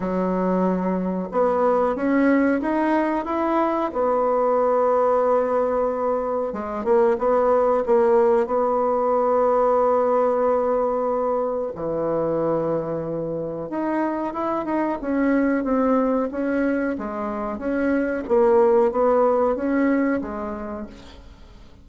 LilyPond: \new Staff \with { instrumentName = "bassoon" } { \time 4/4 \tempo 4 = 92 fis2 b4 cis'4 | dis'4 e'4 b2~ | b2 gis8 ais8 b4 | ais4 b2.~ |
b2 e2~ | e4 dis'4 e'8 dis'8 cis'4 | c'4 cis'4 gis4 cis'4 | ais4 b4 cis'4 gis4 | }